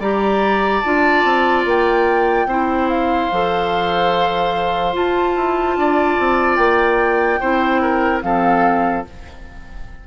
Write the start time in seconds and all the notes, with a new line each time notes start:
0.00 G3 G4 D5 A#5
0.81 D4 F4 A5
1.25 C4
1.65 A#3 G5
2.46 C4 E4 C5
2.90 F5
3.32 F3 A4
4.93 F4 A5
5.36 E4
5.77 D4 D5
6.20 C4
6.56 A#3 G5
7.41 C4 E4 C5
7.82 A#4
8.23 F3 C4 A4 F5